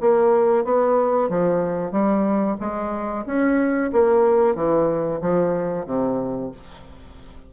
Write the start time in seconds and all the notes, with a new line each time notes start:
0.00 A#3
0.64 B3
1.29 F3
1.91 G3
2.60 G#3
3.25 C#4
3.92 A#3
4.55 E3
5.21 F3
5.86 C3